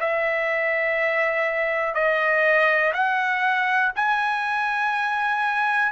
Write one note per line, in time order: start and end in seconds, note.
0.00 1.94 E5
1.94 2.93 D#5
2.93 3.92 F#5
3.96 5.92 G#5